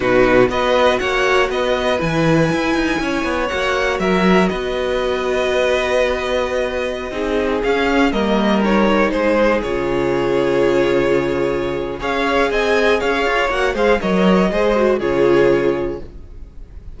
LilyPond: <<
  \new Staff \with { instrumentName = "violin" } { \time 4/4 \tempo 4 = 120 b'4 dis''4 fis''4 dis''4 | gis''2. fis''4 | e''4 dis''2.~ | dis''2.~ dis''16 f''8.~ |
f''16 dis''4 cis''4 c''4 cis''8.~ | cis''1 | f''4 gis''4 f''4 fis''8 f''8 | dis''2 cis''2 | }
  \new Staff \with { instrumentName = "violin" } { \time 4/4 fis'4 b'4 cis''4 b'4~ | b'2 cis''2 | ais'4 b'2.~ | b'2~ b'16 gis'4.~ gis'16~ |
gis'16 ais'2 gis'4.~ gis'16~ | gis'1 | cis''4 dis''4 cis''4. c''8 | cis''4 c''4 gis'2 | }
  \new Staff \with { instrumentName = "viola" } { \time 4/4 dis'4 fis'2. | e'2. fis'4~ | fis'1~ | fis'2~ fis'16 dis'4 cis'8.~ |
cis'16 ais4 dis'2 f'8.~ | f'1 | gis'2. fis'8 gis'8 | ais'4 gis'8 fis'8 f'2 | }
  \new Staff \with { instrumentName = "cello" } { \time 4/4 b,4 b4 ais4 b4 | e4 e'8 dis'8 cis'8 b8 ais4 | fis4 b2.~ | b2~ b16 c'4 cis'8.~ |
cis'16 g2 gis4 cis8.~ | cis1 | cis'4 c'4 cis'8 f'8 ais8 gis8 | fis4 gis4 cis2 | }
>>